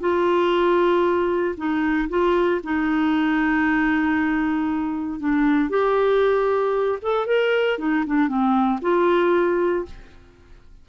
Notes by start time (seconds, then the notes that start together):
0.00 F4
1.57 D#4
2.09 F4
2.64 D#4
5.20 D4
5.69 G4
7.02 A4
7.26 A#4
7.78 D#4
8.07 D4
8.28 C4
8.82 F4